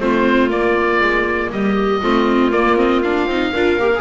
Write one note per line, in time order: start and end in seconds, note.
0.00 0.50 A3
0.00 0.50 C4
0.00 1.51 F4
0.00 0.50 C5
0.50 2.01 A#3
0.50 1.00 A#3
0.50 1.51 D5
1.00 1.51 G#3
1.52 2.02 G3
1.52 2.01 G4
1.52 2.52 D#5
2.01 2.51 A3
2.01 2.52 C4
2.01 3.51 F4
2.51 3.26 A#3
2.51 2.76 A#3
2.51 2.77 D5
2.76 3.02 C4
2.76 3.02 D#5
3.02 3.30 D4
3.02 4.01 F5
3.26 3.51 C4
3.26 3.55 D#4
3.51 3.78 D4
3.51 3.80 F4
3.51 4.01 A#4
3.78 4.01 A#3
3.78 3.92 G4
3.95 4.01 G#4